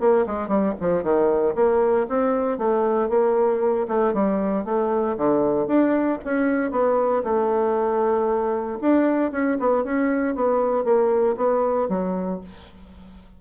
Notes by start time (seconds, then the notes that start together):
0.00 A#3
0.27 G#3
0.48 G3
0.80 F3
1.03 D#3
1.55 A#3
2.09 C4
2.58 A3
3.09 A#3
3.88 A3
4.14 G3
4.65 A3
5.17 D3
5.67 D4
6.24 C#4
6.71 B3
7.24 A3
8.81 D4
9.32 C#4
9.60 B3
9.84 C#4
10.35 B3
10.84 A#3
11.37 B3
11.89 F#3